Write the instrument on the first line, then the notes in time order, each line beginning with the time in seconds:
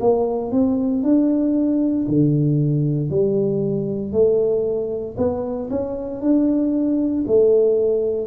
tuba
0.00 A#3
0.51 C4
1.03 D4
2.07 D3
3.09 G3
4.12 A3
5.17 B3
5.70 C#4
6.21 D4
7.26 A3